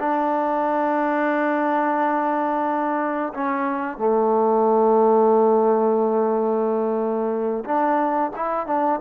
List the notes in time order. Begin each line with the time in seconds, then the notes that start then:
0.00 D4
3.35 C#4
3.98 A3
7.65 D4
8.36 E4
8.67 D4